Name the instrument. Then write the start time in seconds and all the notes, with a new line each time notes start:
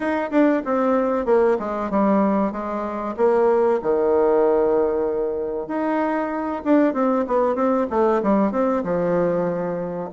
bassoon
0.00 D#4
0.30 D4
0.65 C4
1.25 A#3
1.59 G#3
1.90 G3
2.52 G#3
3.16 A#3
3.82 D#3
5.67 D#4
6.64 D4
6.93 C4
7.27 B3
7.55 C4
7.90 A3
8.22 G3
8.51 C4
8.83 F3